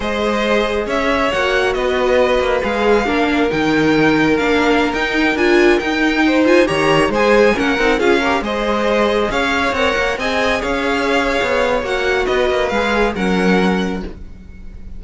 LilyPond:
<<
  \new Staff \with { instrumentName = "violin" } { \time 4/4 \tempo 4 = 137 dis''2 e''4 fis''4 | dis''2 f''2 | g''2 f''4~ f''16 g''8.~ | g''16 gis''4 g''4. gis''8 ais''8.~ |
ais''16 gis''4 fis''4 f''4 dis''8.~ | dis''4~ dis''16 f''4 fis''4 gis''8.~ | gis''16 f''2~ f''8. fis''4 | dis''4 f''4 fis''2 | }
  \new Staff \with { instrumentName = "violin" } { \time 4/4 c''2 cis''2 | b'2. ais'4~ | ais'1~ | ais'2~ ais'16 c''4 cis''8.~ |
cis''16 c''4 ais'4 gis'8 ais'8 c''8.~ | c''4~ c''16 cis''2 dis''8.~ | dis''16 cis''2.~ cis''8. | b'2 ais'2 | }
  \new Staff \with { instrumentName = "viola" } { \time 4/4 gis'2. fis'4~ | fis'2 gis'4 d'4 | dis'2 d'4~ d'16 dis'8.~ | dis'16 f'4 dis'4. f'8 g'8.~ |
g'16 gis'4 cis'8 dis'8 f'8 g'8 gis'8.~ | gis'2~ gis'16 ais'4 gis'8.~ | gis'2. fis'4~ | fis'4 gis'4 cis'2 | }
  \new Staff \with { instrumentName = "cello" } { \time 4/4 gis2 cis'4 ais4 | b4. ais8 gis4 ais4 | dis2 ais4~ ais16 dis'8.~ | dis'16 d'4 dis'2 dis8.~ |
dis16 gis4 ais8 c'8 cis'4 gis8.~ | gis4~ gis16 cis'4 c'8 ais8 c'8.~ | c'16 cis'4.~ cis'16 b4 ais4 | b8 ais8 gis4 fis2 | }
>>